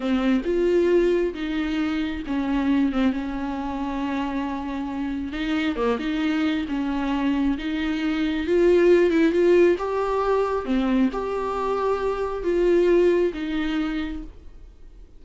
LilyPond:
\new Staff \with { instrumentName = "viola" } { \time 4/4 \tempo 4 = 135 c'4 f'2 dis'4~ | dis'4 cis'4. c'8 cis'4~ | cis'1 | dis'4 ais8 dis'4. cis'4~ |
cis'4 dis'2 f'4~ | f'8 e'8 f'4 g'2 | c'4 g'2. | f'2 dis'2 | }